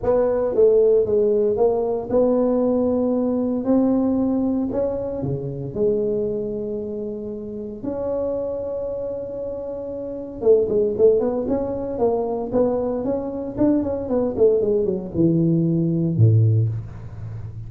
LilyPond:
\new Staff \with { instrumentName = "tuba" } { \time 4/4 \tempo 4 = 115 b4 a4 gis4 ais4 | b2. c'4~ | c'4 cis'4 cis4 gis4~ | gis2. cis'4~ |
cis'1 | a8 gis8 a8 b8 cis'4 ais4 | b4 cis'4 d'8 cis'8 b8 a8 | gis8 fis8 e2 a,4 | }